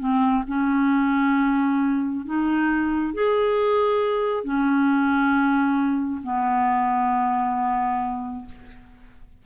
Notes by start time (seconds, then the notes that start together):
0.00 C4
0.48 C#4
2.26 D#4
3.14 G#4
4.44 C#4
6.23 B3